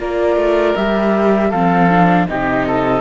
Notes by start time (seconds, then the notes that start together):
0.00 A#3 F4 A#4 D5
0.36 A3
0.76 G3 G4 E5
1.50 F3 C4 A4 F5
1.91 D4
2.27 C3 D#4 G4 D#5
2.67 A4